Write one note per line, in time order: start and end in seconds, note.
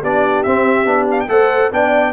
0.00 0.45 B3
0.00 0.46 D4
0.00 1.27 G4
0.00 0.43 D5
0.43 0.85 C4
0.43 1.06 E5
0.85 1.27 B3
0.85 1.27 D4
1.11 1.20 F5
1.20 1.29 G5
1.27 1.70 A3
1.27 1.71 A4
1.27 1.72 C5
1.27 1.71 F#5
1.71 2.13 B3
1.71 2.13 D4
1.71 2.13 D5
1.71 2.13 G5